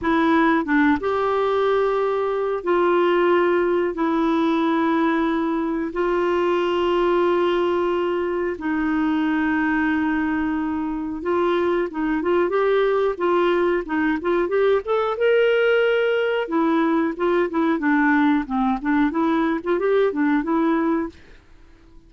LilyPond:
\new Staff \with { instrumentName = "clarinet" } { \time 4/4 \tempo 4 = 91 e'4 d'8 g'2~ g'8 | f'2 e'2~ | e'4 f'2.~ | f'4 dis'2.~ |
dis'4 f'4 dis'8 f'8 g'4 | f'4 dis'8 f'8 g'8 a'8 ais'4~ | ais'4 e'4 f'8 e'8 d'4 | c'8 d'8 e'8. f'16 g'8 d'8 e'4 | }